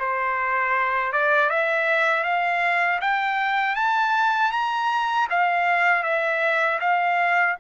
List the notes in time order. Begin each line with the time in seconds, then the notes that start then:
0.00 C5
1.13 D5
1.50 E5
2.24 F5
3.01 G5
3.76 A5
4.52 A#5
5.30 F5
6.03 E5
6.80 F5